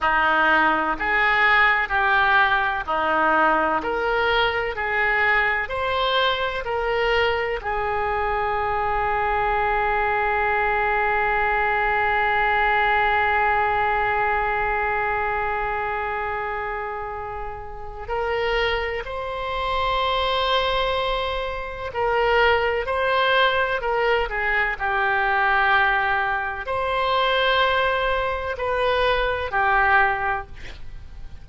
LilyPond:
\new Staff \with { instrumentName = "oboe" } { \time 4/4 \tempo 4 = 63 dis'4 gis'4 g'4 dis'4 | ais'4 gis'4 c''4 ais'4 | gis'1~ | gis'1~ |
gis'2. ais'4 | c''2. ais'4 | c''4 ais'8 gis'8 g'2 | c''2 b'4 g'4 | }